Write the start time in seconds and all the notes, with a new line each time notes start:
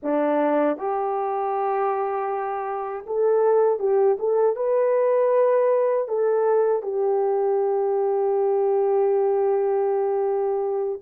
0.02 D4
0.77 G4
3.06 A4
3.79 G4
4.19 A4
4.56 B4
6.08 A4
6.82 G4